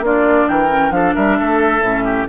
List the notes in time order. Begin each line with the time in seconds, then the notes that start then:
0.00 A#3 D4 F4 D5
0.49 E3 A#4 G5
0.69 C#4
0.91 F3 D4 A4 F5
1.14 G3 A#4 E5
1.39 A3 A4
1.81 A2 C#4
2.04 G4